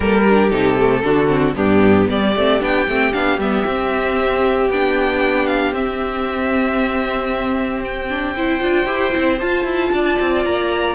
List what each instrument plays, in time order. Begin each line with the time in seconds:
0.00 cello G3, viola A#3, violin A4 A#4
0.23 viola D4, violin G4
0.49 cello C3, viola D#4, violin A4
0.77 viola A3
1.03 cello D3, viola D4, violin F#4
1.27 viola C4
1.54 cello G2, viola B3, violin D4 G4
2.09 cello G3, violin G4 D5
2.35 cello A3, viola C4
2.60 cello B3, viola D4, violin G5
2.87 cello A3, viola C4
3.13 cello B3, viola D4, violin F5
3.38 cello G3, viola B3, violin E5
3.66 cello C4, viola C4
4.69 cello B3, viola D4, violin G5
5.47 violin F5
5.72 cello C4, viola C4, violin E5
7.84 violin G5
8.09 viola D4
8.35 viola E4, violin C5
8.60 cello D4, viola F4
8.85 cello E4, viola G4
9.12 cello C4, viola E4
9.39 viola F4, cello F4, violin A5
9.64 cello E4
9.92 cello D4, violin D5
10.19 cello C4
10.44 cello A#3, violin A#5